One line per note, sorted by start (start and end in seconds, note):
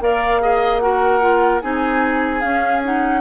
0.00 1.62 A#3
0.00 0.41 A#4
0.00 0.42 D5
0.00 0.79 F5
0.41 0.81 G#4
0.41 0.82 D#5
0.79 1.20 F#4
0.79 1.62 A#4
0.79 1.60 F#5
1.20 1.61 F4
1.61 2.43 C4
1.61 2.41 D#4
1.61 3.21 G#4
1.61 2.40 G#5
2.40 2.81 C#4
2.40 3.21 C#4
2.40 2.81 F5
2.83 3.21 D#4
2.83 3.21 F#5